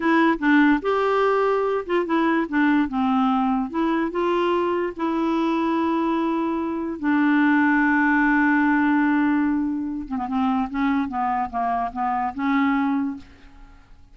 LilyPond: \new Staff \with { instrumentName = "clarinet" } { \time 4/4 \tempo 4 = 146 e'4 d'4 g'2~ | g'8 f'8 e'4 d'4 c'4~ | c'4 e'4 f'2 | e'1~ |
e'4 d'2.~ | d'1~ | d'8 c'16 b16 c'4 cis'4 b4 | ais4 b4 cis'2 | }